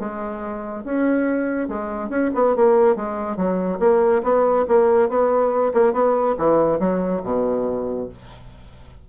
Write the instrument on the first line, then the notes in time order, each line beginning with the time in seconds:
bassoon
0.00 G#3
0.85 C#4
1.69 G#3
2.10 C#4
2.35 B3
2.56 A#3
2.96 G#3
3.37 F#3
3.80 A#3
4.23 B3
4.68 A#3
5.09 B3
5.74 A#3
5.94 B3
6.38 E3
6.80 F#3
7.24 B2